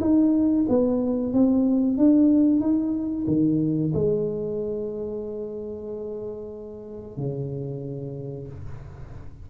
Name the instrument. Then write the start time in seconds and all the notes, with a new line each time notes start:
tuba
0.00 D#4
0.68 B3
1.33 C4
1.97 D4
2.60 D#4
3.27 D#3
3.94 G#3
7.17 C#3